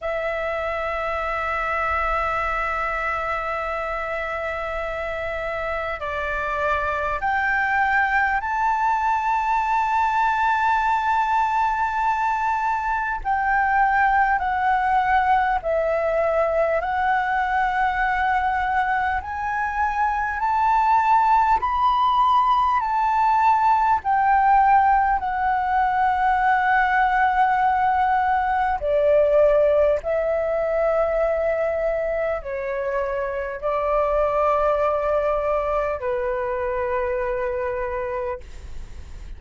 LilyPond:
\new Staff \with { instrumentName = "flute" } { \time 4/4 \tempo 4 = 50 e''1~ | e''4 d''4 g''4 a''4~ | a''2. g''4 | fis''4 e''4 fis''2 |
gis''4 a''4 b''4 a''4 | g''4 fis''2. | d''4 e''2 cis''4 | d''2 b'2 | }